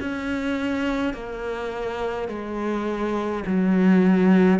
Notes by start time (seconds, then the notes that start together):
0.00 C#4
1.13 A#3
2.28 G#3
3.46 F#3